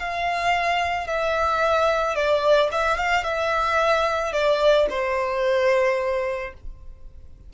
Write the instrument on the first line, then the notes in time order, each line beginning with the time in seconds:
violin
0.00 F5
1.07 E5
2.16 D5
2.72 E5
2.98 F5
3.24 E5
4.33 D5
4.90 C5